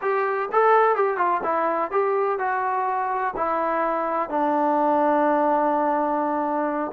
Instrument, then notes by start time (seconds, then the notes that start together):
trombone
0.01 G4
0.52 A4
0.95 G4
1.17 F4
1.43 E4
1.91 G4
2.39 F#4
3.36 E4
4.29 D4